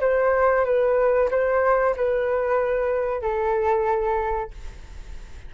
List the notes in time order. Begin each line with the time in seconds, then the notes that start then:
0.00 C5
0.64 B4
1.30 C5
1.96 B4
3.21 A4